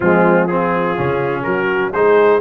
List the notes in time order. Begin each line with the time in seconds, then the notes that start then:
0.00 F3 G#3 C4 F4
0.46 C4 F4 G#4
0.96 C#3 C#4
1.43 F#3 F#4 A#4
1.92 G#3 D#4 G#4 C5